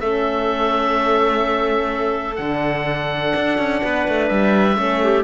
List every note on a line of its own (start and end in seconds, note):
0.00 2.38 A3
0.00 2.37 C#4
0.00 3.82 A4
0.00 2.36 E5
2.36 3.33 D3
2.36 4.75 D4
2.36 4.26 F#5
3.36 3.58 D4
3.58 3.81 C#4
3.82 4.07 B3
3.82 4.77 B4
4.08 4.30 A3
4.28 4.77 G3
4.28 5.23 E5
4.75 5.24 A3
4.75 5.23 C#4
4.75 5.01 A4
5.03 5.24 G4